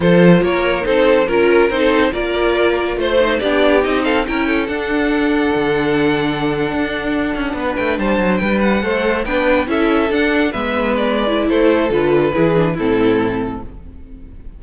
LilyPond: <<
  \new Staff \with { instrumentName = "violin" } { \time 4/4 \tempo 4 = 141 c''4 cis''4 c''4 ais'4 | c''4 d''2 c''4 | d''4 dis''8 f''8 g''4 fis''4~ | fis''1~ |
fis''2~ fis''16 g''8 a''4 g''16~ | g''16 fis''4. g''4 e''4 fis''16~ | fis''8. e''4 d''4~ d''16 c''4 | b'2 a'2 | }
  \new Staff \with { instrumentName = "violin" } { \time 4/4 a'4 ais'4 a'4 ais'4~ | ais'16 a'8. ais'2 c''4 | g'4. a'8 ais'8 a'4.~ | a'1~ |
a'4.~ a'16 b'4 c''4 b'16~ | b'8. c''4 b'4 a'4~ a'16~ | a'8. b'2~ b'16 a'4~ | a'4 gis'4 e'2 | }
  \new Staff \with { instrumentName = "viola" } { \time 4/4 f'2 dis'4 f'4 | dis'4 f'2~ f'8 dis'8 | d'4 dis'4 e'4 d'4~ | d'1~ |
d'1~ | d'8. a'4 d'4 e'4 d'16~ | d'8. b4.~ b16 e'4. | f'4 e'8 d'8 c'2 | }
  \new Staff \with { instrumentName = "cello" } { \time 4/4 f4 ais4 c'4 cis'4 | c'4 ais2 a4 | b4 c'4 cis'4 d'4~ | d'4 d2~ d8. d'16~ |
d'4~ d'16 cis'8 b8 a8 g8 fis8 g16~ | g8. a4 b4 cis'4 d'16~ | d'8. gis2~ gis16 a4 | d4 e4 a,2 | }
>>